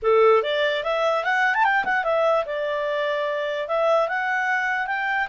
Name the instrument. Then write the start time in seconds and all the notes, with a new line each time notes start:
clarinet
0.02 A4
0.42 D5
0.83 E5
1.24 F#5
1.54 A5
1.64 G5
1.84 F#5
2.04 E5
2.45 D5
3.68 E5
4.08 F#5
4.86 G5